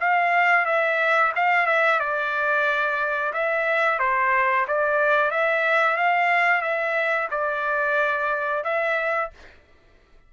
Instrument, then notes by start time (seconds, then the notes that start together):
trumpet
0.00 F5
0.66 E5
1.36 F5
1.67 E5
2.00 D5
3.34 E5
3.99 C5
4.68 D5
5.31 E5
5.97 F5
6.62 E5
7.31 D5
8.64 E5